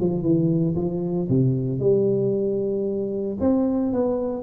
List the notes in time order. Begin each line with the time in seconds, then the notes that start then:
0.00 F3
0.22 E3
0.75 F3
1.29 C3
1.79 G3
3.40 C4
3.93 B3